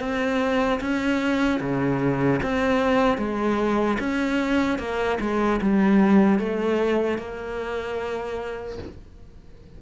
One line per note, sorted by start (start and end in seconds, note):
0.00 0.80 C4
0.81 1.60 C#4
1.60 2.40 C#3
2.43 3.18 C4
3.18 3.98 G#3
4.00 4.79 C#4
4.79 5.19 A#3
5.20 5.60 G#3
5.62 6.39 G3
6.39 7.19 A3
7.19 8.79 A#3